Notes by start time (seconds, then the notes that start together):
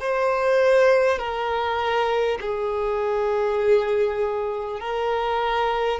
0.00 C5
1.19 A#4
2.41 G#4
4.80 A#4